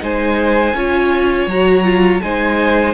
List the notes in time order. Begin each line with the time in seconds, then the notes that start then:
0.00 G#3 D#4 C5 G#5
0.74 C#4 F4 C#5
1.47 F#3 F#4 A#5
1.84 F4
2.22 G#3 D#4 C5 G#5